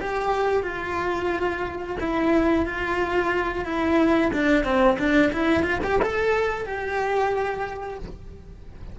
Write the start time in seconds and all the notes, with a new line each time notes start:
0.00 G4
0.63 F4
2.00 E4
2.66 F4
3.65 E4
4.33 D4
4.64 C4
4.98 D4
5.32 E4
5.62 F4
5.83 G4
6.02 A4
6.65 G4